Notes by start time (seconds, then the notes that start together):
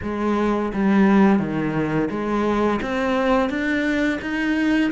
0.02 G#3
0.73 G3
1.39 D#3
2.10 G#3
2.82 C4
3.49 D4
4.21 D#4